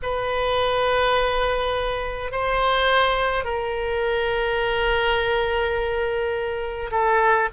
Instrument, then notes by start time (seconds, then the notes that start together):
oboe
0.02 B4
2.31 C5
3.44 A#4
6.91 A4